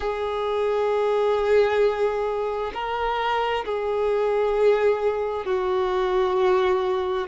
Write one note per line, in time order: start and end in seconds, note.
0.00 2.72 G#4
2.74 3.64 A#4
3.65 5.45 G#4
5.45 7.27 F#4